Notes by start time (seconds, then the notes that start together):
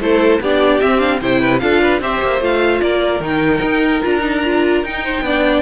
0.00 A3 E4 A4 C5
0.41 B3 D4 G4 D5
0.81 C4 E5
1.00 D4 F5
1.21 C3 E4 C5 G5
1.41 B4
1.60 D4 F4 A4 F5
1.83 B4
2.02 C4 G4 C5 E5
2.22 A#3
2.41 A3 F4 F5
2.82 A#3 A#4 D5
3.20 D#3 D#4 G5
3.62 D#4
4.03 D4 F4 A#5
4.21 D#4
4.45 F4
4.84 D#4 G5
5.04 C5
5.22 B3 D4 D5